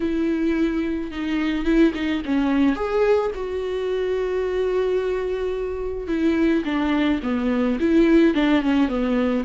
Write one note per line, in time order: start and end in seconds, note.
0.00 1.11 E4
1.11 1.64 D#4
1.64 1.92 E4
1.94 2.22 D#4
2.25 2.75 C#4
2.75 3.31 G#4
3.34 6.07 F#4
6.07 6.63 E4
6.65 7.20 D4
7.22 7.78 B3
7.80 8.34 E4
8.34 8.62 D4
8.62 8.88 C#4
8.88 9.43 B3